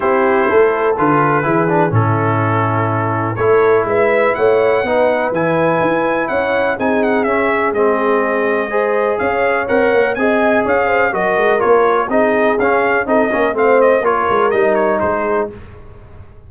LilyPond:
<<
  \new Staff \with { instrumentName = "trumpet" } { \time 4/4 \tempo 4 = 124 c''2 b'2 | a'2. cis''4 | e''4 fis''2 gis''4~ | gis''4 fis''4 gis''8 fis''8 e''4 |
dis''2. f''4 | fis''4 gis''4 f''4 dis''4 | cis''4 dis''4 f''4 dis''4 | f''8 dis''8 cis''4 dis''8 cis''8 c''4 | }
  \new Staff \with { instrumentName = "horn" } { \time 4/4 g'4 a'2 gis'4 | e'2. a'4 | b'4 cis''4 b'2~ | b'4 cis''4 gis'2~ |
gis'2 c''4 cis''4~ | cis''4 dis''4 cis''8 c''8 ais'4~ | ais'4 gis'2 a'8 ais'8 | c''4 ais'2 gis'4 | }
  \new Staff \with { instrumentName = "trombone" } { \time 4/4 e'2 f'4 e'8 d'8 | cis'2. e'4~ | e'2 dis'4 e'4~ | e'2 dis'4 cis'4 |
c'2 gis'2 | ais'4 gis'2 fis'4 | f'4 dis'4 cis'4 dis'8 cis'8 | c'4 f'4 dis'2 | }
  \new Staff \with { instrumentName = "tuba" } { \time 4/4 c'4 a4 d4 e4 | a,2. a4 | gis4 a4 b4 e4 | e'4 cis'4 c'4 cis'4 |
gis2. cis'4 | c'8 ais8 c'4 cis'4 fis8 gis8 | ais4 c'4 cis'4 c'8 ais8 | a4 ais8 gis8 g4 gis4 | }
>>